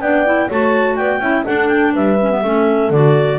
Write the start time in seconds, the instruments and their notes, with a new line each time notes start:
0.00 double bass B3, clarinet D4 G5, horn D5
0.25 clarinet E4
0.47 double bass A3, clarinet F#4 A5, horn C#5
0.96 double bass B3, horn D5, clarinet G5
1.20 double bass C#4, clarinet E4, horn E5
1.45 clarinet D4 F#5, double bass D4, horn A4
1.68 clarinet G5
1.93 double bass G3, horn B4, clarinet E5
2.21 clarinet C#4
2.31 clarinet B3
2.43 double bass A3, clarinet C#4, horn A4
2.90 double bass D3, clarinet F#4 D5